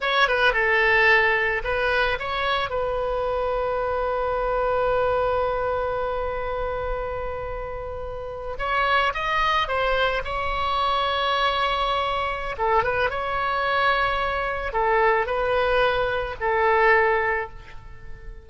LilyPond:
\new Staff \with { instrumentName = "oboe" } { \time 4/4 \tempo 4 = 110 cis''8 b'8 a'2 b'4 | cis''4 b'2.~ | b'1~ | b'2.~ b'8. cis''16~ |
cis''8. dis''4 c''4 cis''4~ cis''16~ | cis''2. a'8 b'8 | cis''2. a'4 | b'2 a'2 | }